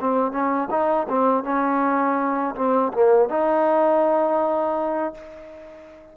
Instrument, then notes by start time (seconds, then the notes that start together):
trombone
0.00 C4
0.31 C#4
0.70 D#4
1.09 C4
1.43 C#4
2.55 C4
2.93 A#3
3.29 D#4